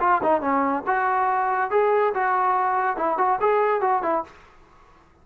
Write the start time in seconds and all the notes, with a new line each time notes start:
0.00 F4
0.23 D#4
0.41 C#4
0.87 F#4
1.71 G#4
2.14 F#4
2.97 E4
3.18 F#4
3.41 G#4
3.81 F#4
4.03 E4